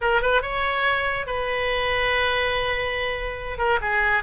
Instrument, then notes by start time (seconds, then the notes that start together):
oboe
0.01 A#4
0.21 B4
0.42 C#5
1.26 B4
3.58 A#4
3.81 G#4